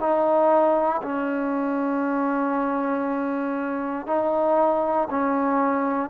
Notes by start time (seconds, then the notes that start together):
0.00 D#4
1.03 C#4
4.07 D#4
5.10 C#4